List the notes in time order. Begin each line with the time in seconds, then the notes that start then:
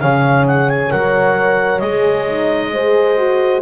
0.00 C#3 G#4 C#5 F5
0.47 F#5
0.70 G#5
0.91 F#3 A#4 F#5
1.80 G#3 G#4 D#5
2.28 D#4
2.73 G#4 C5
3.17 F#4